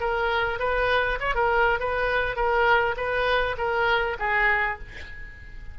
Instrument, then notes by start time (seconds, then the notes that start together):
oboe
0.00 A#4
0.59 B4
1.20 C#5
1.35 A#4
1.80 B4
2.36 A#4
2.96 B4
3.57 A#4
4.19 G#4